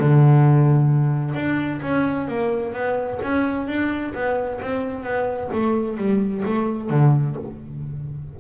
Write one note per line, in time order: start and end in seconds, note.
0.00 1.35 D3
1.35 1.81 D4
1.82 2.28 C#4
2.28 2.74 A#3
2.74 3.20 B3
3.23 3.68 C#4
3.68 4.14 D4
4.14 4.60 B3
4.62 5.04 C4
5.04 5.50 B3
5.53 5.98 A3
5.98 6.44 G3
6.45 6.90 A3
6.90 7.36 D3